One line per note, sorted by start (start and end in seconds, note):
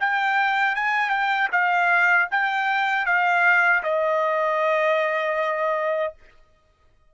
0.00 0.76 G5
0.76 1.10 G#5
1.10 1.48 G5
1.52 2.29 F5
2.31 3.06 G5
3.06 3.83 F5
3.83 6.14 D#5